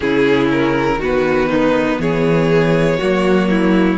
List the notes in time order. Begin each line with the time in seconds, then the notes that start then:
0.00 C#3 C#4 E4 G#4
0.51 A#4
0.97 D#3 B3 F#4 B4
1.50 D#4
1.99 E3 G#4 C#5
2.98 F#3 A#3 F#4
3.50 E4